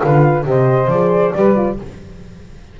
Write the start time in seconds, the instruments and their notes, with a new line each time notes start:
0.00 double bass D3, horn F4, saxophone B4, flute F5
0.44 double bass C3, horn G4, saxophone C5, flute D#5
0.87 double bass F3, horn G#4, flute D5
1.34 double bass G3, horn G4, saxophone B4
1.55 horn F4